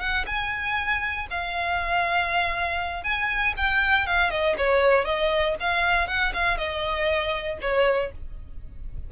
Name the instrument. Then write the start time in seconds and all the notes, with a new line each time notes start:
violin
0.00 F#5
0.26 G#5
1.30 F5
3.03 G#5
3.57 G5
4.06 F5
4.30 D#5
4.57 C#5
5.05 D#5
5.60 F5
6.08 F#5
6.33 F5
6.58 D#5
7.61 C#5